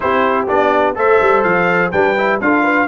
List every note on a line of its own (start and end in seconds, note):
0.00 0.48 C4
0.00 0.47 E4
0.00 0.97 G4
0.00 0.46 C5
0.47 0.96 B3
0.47 0.95 D4
0.47 0.96 D5
0.95 1.20 A3
0.95 1.91 A4
0.95 1.91 C5
0.95 1.43 E5
1.21 1.44 G3
1.43 1.92 F3
1.43 1.91 F5
1.91 2.40 G3
1.91 2.16 D4
1.91 2.39 B4
1.91 2.39 G5
2.17 2.41 E4
2.40 2.87 D4
2.40 2.87 F4
2.40 2.62 A4
2.40 2.87 F5
2.62 2.86 B4